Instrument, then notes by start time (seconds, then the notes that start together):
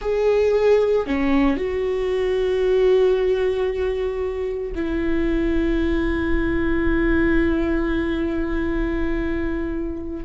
viola
0.01 G#4
1.06 C#4
1.56 F#4
4.75 E4